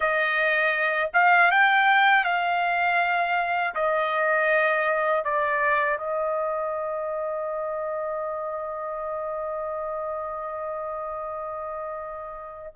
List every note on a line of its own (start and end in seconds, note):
0.00 1.10 D#5
1.13 1.51 F5
1.51 2.24 G5
2.24 3.74 F5
3.74 5.24 D#5
5.24 5.98 D5
5.98 12.73 D#5